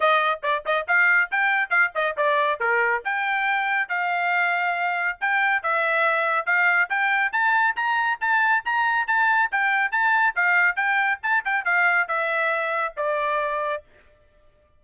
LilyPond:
\new Staff \with { instrumentName = "trumpet" } { \time 4/4 \tempo 4 = 139 dis''4 d''8 dis''8 f''4 g''4 | f''8 dis''8 d''4 ais'4 g''4~ | g''4 f''2. | g''4 e''2 f''4 |
g''4 a''4 ais''4 a''4 | ais''4 a''4 g''4 a''4 | f''4 g''4 a''8 g''8 f''4 | e''2 d''2 | }